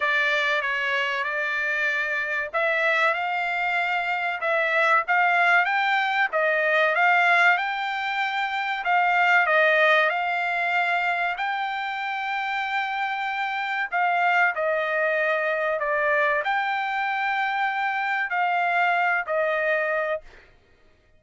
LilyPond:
\new Staff \with { instrumentName = "trumpet" } { \time 4/4 \tempo 4 = 95 d''4 cis''4 d''2 | e''4 f''2 e''4 | f''4 g''4 dis''4 f''4 | g''2 f''4 dis''4 |
f''2 g''2~ | g''2 f''4 dis''4~ | dis''4 d''4 g''2~ | g''4 f''4. dis''4. | }